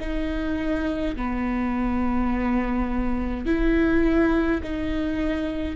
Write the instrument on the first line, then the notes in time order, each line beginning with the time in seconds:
viola
0.00 D#4
1.16 B3
3.46 E4
4.63 D#4